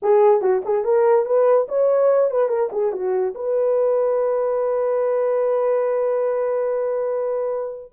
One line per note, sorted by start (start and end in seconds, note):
0.02 0.41 G#4
0.41 0.62 F#4
0.65 0.84 G#4
0.84 1.25 A#4
1.25 1.67 B4
1.68 2.30 C#5
2.30 2.48 B4
2.48 2.69 A#4
2.71 2.92 G#4
2.92 3.34 F#4
3.34 7.92 B4